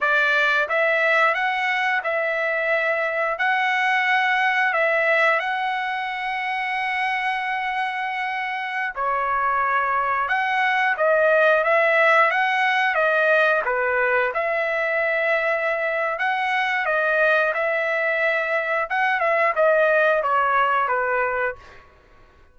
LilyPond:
\new Staff \with { instrumentName = "trumpet" } { \time 4/4 \tempo 4 = 89 d''4 e''4 fis''4 e''4~ | e''4 fis''2 e''4 | fis''1~ | fis''4~ fis''16 cis''2 fis''8.~ |
fis''16 dis''4 e''4 fis''4 dis''8.~ | dis''16 b'4 e''2~ e''8. | fis''4 dis''4 e''2 | fis''8 e''8 dis''4 cis''4 b'4 | }